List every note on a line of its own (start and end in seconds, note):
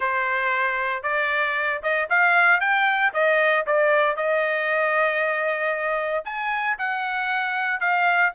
0.00 1.02 C5
1.02 1.81 D5
1.82 2.08 D#5
2.09 2.60 F5
2.60 3.12 G5
3.13 3.65 D#5
3.66 4.16 D5
4.16 6.25 D#5
6.25 6.77 G#5
6.78 7.80 F#5
7.80 8.32 F5